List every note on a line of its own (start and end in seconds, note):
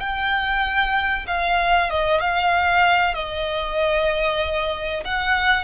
0.00 1.26 G5
1.27 1.90 F5
1.90 2.20 D#5
2.20 3.14 F5
3.14 5.04 D#5
5.05 5.64 F#5